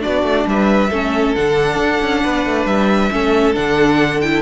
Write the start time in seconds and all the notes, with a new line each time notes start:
0.00 B3 D4 F#4 D5
0.23 A3
0.46 G3 B4 E5
0.90 A3 C#4 A4
1.35 D3 D4 F#5
1.76 D4
2.01 C#4
2.23 B3 B4
2.45 A3
2.65 G3 E5
3.11 A3 C#4 A4
3.54 D3 D4 F#5
4.20 E4 G5